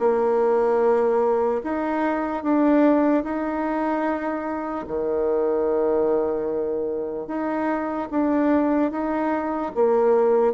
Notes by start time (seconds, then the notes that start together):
0.00 A#3
1.64 D#4
2.44 D4
3.24 D#4
4.88 D#3
7.28 D#4
8.11 D4
8.92 D#4
9.76 A#3